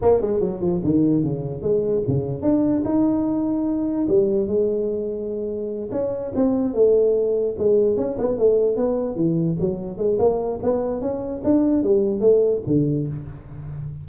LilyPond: \new Staff \with { instrumentName = "tuba" } { \time 4/4 \tempo 4 = 147 ais8 gis8 fis8 f8 dis4 cis4 | gis4 cis4 d'4 dis'4~ | dis'2 g4 gis4~ | gis2~ gis8 cis'4 c'8~ |
c'8 a2 gis4 cis'8 | b8 a4 b4 e4 fis8~ | fis8 gis8 ais4 b4 cis'4 | d'4 g4 a4 d4 | }